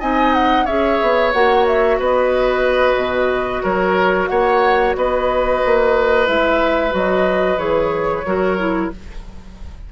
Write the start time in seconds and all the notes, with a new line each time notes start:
0.00 C4 D#4 D#5 G#5
0.34 F#5
0.65 C#4 G#4 C#5 E5
1.01 B3
1.33 A#3 F#4 F#5
1.67 E5
1.99 B3 B4 D#5
2.96 B2
3.63 F#3 A#4 C#5
4.27 A#3 C#5 F#5
4.96 B3 B4 D#5
5.65 A#3
6.27 G#3 E4 E5
6.91 F#3 F#4 D#5
7.57 E3 G#4 C#5
8.26 F#3 F#4 A#4
8.58 E4